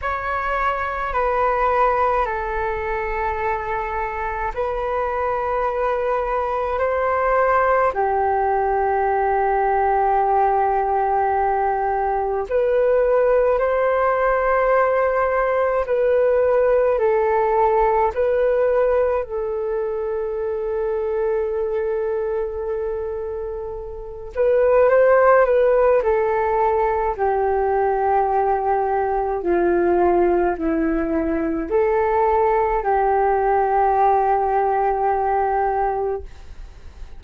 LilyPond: \new Staff \with { instrumentName = "flute" } { \time 4/4 \tempo 4 = 53 cis''4 b'4 a'2 | b'2 c''4 g'4~ | g'2. b'4 | c''2 b'4 a'4 |
b'4 a'2.~ | a'4. b'8 c''8 b'8 a'4 | g'2 f'4 e'4 | a'4 g'2. | }